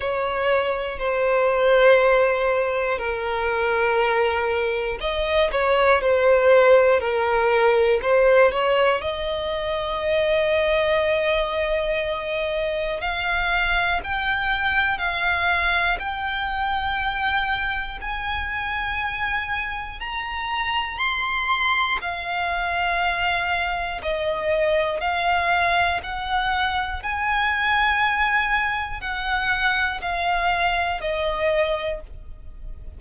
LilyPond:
\new Staff \with { instrumentName = "violin" } { \time 4/4 \tempo 4 = 60 cis''4 c''2 ais'4~ | ais'4 dis''8 cis''8 c''4 ais'4 | c''8 cis''8 dis''2.~ | dis''4 f''4 g''4 f''4 |
g''2 gis''2 | ais''4 c'''4 f''2 | dis''4 f''4 fis''4 gis''4~ | gis''4 fis''4 f''4 dis''4 | }